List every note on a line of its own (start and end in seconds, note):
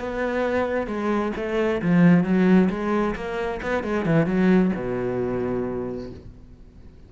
0.00 0.87 B3
0.87 1.32 G#3
1.37 1.82 A3
1.82 2.24 F3
2.24 2.69 F#3
2.70 3.15 G#3
3.16 3.61 A#3
3.63 3.84 B3
3.84 4.06 G#3
4.06 4.27 E3
4.27 4.72 F#3
4.76 6.11 B2